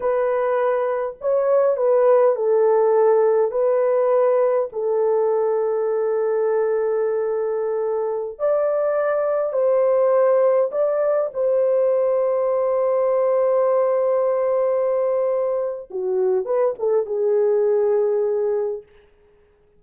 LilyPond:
\new Staff \with { instrumentName = "horn" } { \time 4/4 \tempo 4 = 102 b'2 cis''4 b'4 | a'2 b'2 | a'1~ | a'2~ a'16 d''4.~ d''16~ |
d''16 c''2 d''4 c''8.~ | c''1~ | c''2. fis'4 | b'8 a'8 gis'2. | }